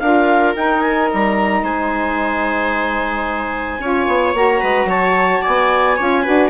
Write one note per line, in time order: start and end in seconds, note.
0.00 0.55 D4
0.00 0.55 F4
0.00 1.64 A#4
0.00 0.54 F5
0.55 3.79 D#4
0.55 1.10 D#4
0.55 0.82 G5
0.82 1.09 G#5
1.14 1.63 G3
1.14 1.65 A#5
1.63 3.79 G#3
1.63 3.80 C5
1.63 4.35 G#5
3.80 4.07 C#4
3.80 4.34 F4
3.80 4.61 C#5
4.08 4.34 B3
4.34 4.61 A#3
4.34 5.97 F#4
4.34 4.90 A#5
4.61 4.85 G#3
4.61 4.88 B4
4.85 5.39 F#3
4.85 5.42 C#5
4.85 5.44 A5
5.42 6.00 B3
5.42 5.96 D5
5.42 6.50 G#5
5.97 6.27 C#4
5.97 6.25 F4
5.97 6.23 C#5
6.23 6.50 D4
6.23 6.50 F#4
6.23 6.50 B4